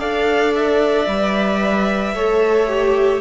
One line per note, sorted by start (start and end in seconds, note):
0.00 1.08 D4
0.00 1.07 A4
0.00 2.15 D5
0.00 0.54 F5
0.55 3.21 E5
1.08 2.14 G3
1.08 2.16 B4
2.14 3.21 A3
2.14 2.68 A4
2.14 3.21 C#5
2.68 3.21 G4